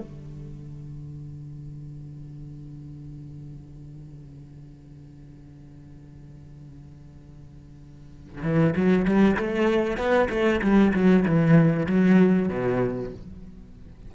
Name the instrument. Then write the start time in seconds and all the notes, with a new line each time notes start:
cello
0.00 D3
8.43 E3
8.76 F#3
9.05 G3
9.37 A3
9.97 B3
10.29 A3
10.61 G3
10.93 F#3
11.25 E3
11.86 F#3
12.49 B2